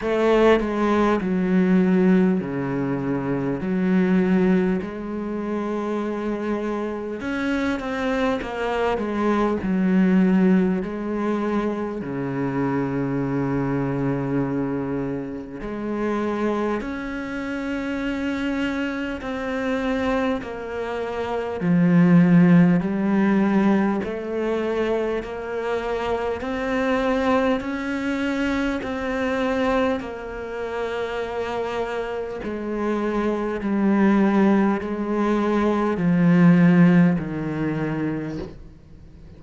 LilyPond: \new Staff \with { instrumentName = "cello" } { \time 4/4 \tempo 4 = 50 a8 gis8 fis4 cis4 fis4 | gis2 cis'8 c'8 ais8 gis8 | fis4 gis4 cis2~ | cis4 gis4 cis'2 |
c'4 ais4 f4 g4 | a4 ais4 c'4 cis'4 | c'4 ais2 gis4 | g4 gis4 f4 dis4 | }